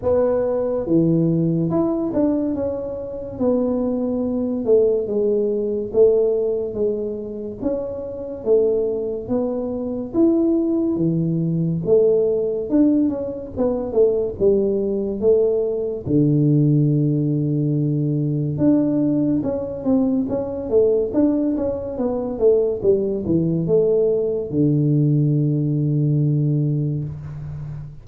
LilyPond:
\new Staff \with { instrumentName = "tuba" } { \time 4/4 \tempo 4 = 71 b4 e4 e'8 d'8 cis'4 | b4. a8 gis4 a4 | gis4 cis'4 a4 b4 | e'4 e4 a4 d'8 cis'8 |
b8 a8 g4 a4 d4~ | d2 d'4 cis'8 c'8 | cis'8 a8 d'8 cis'8 b8 a8 g8 e8 | a4 d2. | }